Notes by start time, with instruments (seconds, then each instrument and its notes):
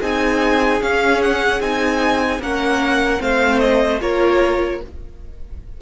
0.00 cello C4, viola D#4, violin G#4 G#5
0.81 viola C#4, cello C#4, violin F5
1.22 violin F#5
1.61 cello C4, viola D#4, violin G#5
2.40 cello A#3, viola C#4, violin A#4 F#5
3.19 cello A3, viola C4, violin C5 F5
3.60 violin D#5
4.01 cello A#3, viola F4, violin A#4 C#5